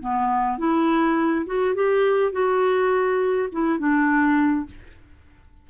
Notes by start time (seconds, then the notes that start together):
0.00 B3
0.58 E4
1.46 F#4
1.75 G4
2.32 F#4
3.52 E4
3.79 D4